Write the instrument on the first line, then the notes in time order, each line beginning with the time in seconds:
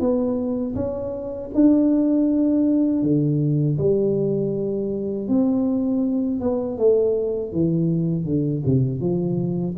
tuba
0.00 B3
0.75 C#4
1.54 D4
3.02 D3
3.78 G3
5.28 C4
6.40 B3
6.77 A3
7.52 E3
8.25 D3
8.65 C3
9.00 F3